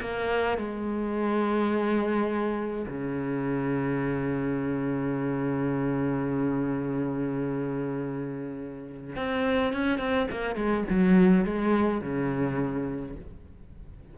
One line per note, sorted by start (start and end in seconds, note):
0.00 0.57 A#3
0.57 2.86 G#3
2.87 9.16 C#3
9.16 9.73 C4
9.73 9.98 C#4
9.98 10.27 C4
10.30 10.55 A#3
10.55 10.84 G#3
10.89 11.45 F#3
11.45 12.01 G#3
12.01 13.15 C#3